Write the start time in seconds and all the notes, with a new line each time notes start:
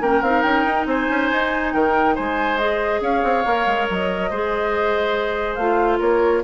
0.00 A#3 C#4 A#4 G5
0.21 C4 D#4 F5
0.42 C#4 G5
0.65 D#4
0.86 C4 C5 G#5
1.09 C#4
1.31 D#4
1.72 D#3 A#4 G5
2.14 G#3 C5 G#5
2.58 G#4 D#5
3.00 C#4 C#5 F5
3.23 C4
3.45 A#3 A#4
3.66 G#3
3.89 F#3 D#5
4.30 G#3 G#4 C5
5.54 A3 F4 F5
5.99 A#3 A#4 C#5